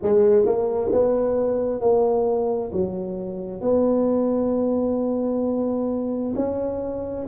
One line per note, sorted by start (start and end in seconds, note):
0.02 0.45 G#3
0.45 0.91 A#3
0.92 1.80 B3
1.80 2.71 A#3
2.72 3.61 F#3
3.61 6.33 B3
6.35 7.26 C#4